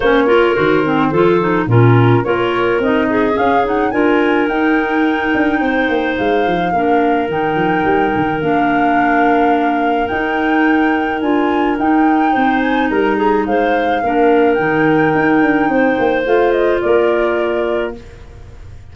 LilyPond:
<<
  \new Staff \with { instrumentName = "flute" } { \time 4/4 \tempo 4 = 107 cis''4 c''2 ais'4 | cis''4 dis''4 f''8 fis''8 gis''4 | g''2. f''4~ | f''4 g''2 f''4~ |
f''2 g''2 | gis''4 g''4. gis''8 ais''4 | f''2 g''2~ | g''4 f''8 dis''8 d''2 | }
  \new Staff \with { instrumentName = "clarinet" } { \time 4/4 c''8 ais'4. a'4 f'4 | ais'4. gis'4. ais'4~ | ais'2 c''2 | ais'1~ |
ais'1~ | ais'2 c''4 ais'8 gis'8 | c''4 ais'2. | c''2 ais'2 | }
  \new Staff \with { instrumentName = "clarinet" } { \time 4/4 cis'8 f'8 fis'8 c'8 f'8 dis'8 cis'4 | f'4 dis'4 cis'8 dis'8 f'4 | dis'1 | d'4 dis'2 d'4~ |
d'2 dis'2 | f'4 dis'2.~ | dis'4 d'4 dis'2~ | dis'4 f'2. | }
  \new Staff \with { instrumentName = "tuba" } { \time 4/4 ais4 dis4 f4 ais,4 | ais4 c'4 cis'4 d'4 | dis'4. d'8 c'8 ais8 gis8 f8 | ais4 dis8 f8 g8 dis8 ais4~ |
ais2 dis'2 | d'4 dis'4 c'4 g4 | gis4 ais4 dis4 dis'8 d'8 | c'8 ais8 a4 ais2 | }
>>